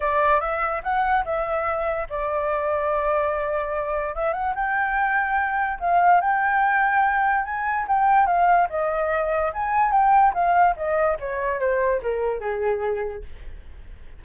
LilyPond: \new Staff \with { instrumentName = "flute" } { \time 4/4 \tempo 4 = 145 d''4 e''4 fis''4 e''4~ | e''4 d''2.~ | d''2 e''8 fis''8 g''4~ | g''2 f''4 g''4~ |
g''2 gis''4 g''4 | f''4 dis''2 gis''4 | g''4 f''4 dis''4 cis''4 | c''4 ais'4 gis'2 | }